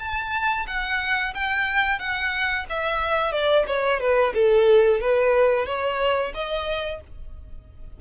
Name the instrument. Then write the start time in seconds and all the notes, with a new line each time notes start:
violin
0.00 A5
0.68 F#5
1.35 G5
1.99 F#5
2.70 E5
3.33 D5
3.67 C#5
4.01 B4
4.35 A4
5.01 B4
5.67 C#5
6.35 D#5